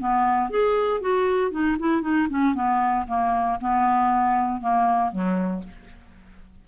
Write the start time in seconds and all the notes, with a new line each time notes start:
0.00 B3
0.50 G#4
1.01 F#4
1.51 D#4
1.79 E4
2.02 D#4
2.30 C#4
2.55 B3
3.08 A#3
3.61 B3
4.61 A#3
5.12 F#3